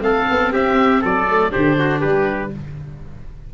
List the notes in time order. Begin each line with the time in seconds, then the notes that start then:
0.00 A3 C4 A4 F5
0.31 B3
0.53 C4 G4 E5
1.01 F#3 A4 D5
1.28 A3
1.51 D3 D4 G4 C5
1.79 F#4
2.00 G3 G4 B4